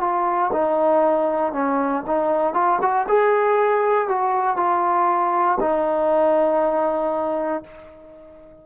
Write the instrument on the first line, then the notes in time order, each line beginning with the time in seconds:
trombone
0.00 F4
0.52 D#4
1.53 C#4
2.07 D#4
2.54 F4
2.81 F#4
3.08 G#4
4.08 F#4
4.56 F4
5.60 D#4